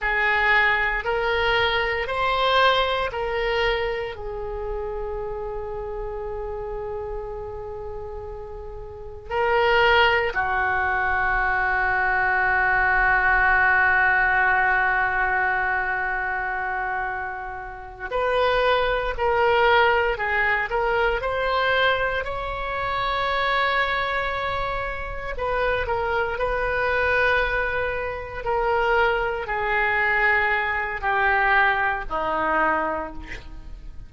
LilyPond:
\new Staff \with { instrumentName = "oboe" } { \time 4/4 \tempo 4 = 58 gis'4 ais'4 c''4 ais'4 | gis'1~ | gis'4 ais'4 fis'2~ | fis'1~ |
fis'4. b'4 ais'4 gis'8 | ais'8 c''4 cis''2~ cis''8~ | cis''8 b'8 ais'8 b'2 ais'8~ | ais'8 gis'4. g'4 dis'4 | }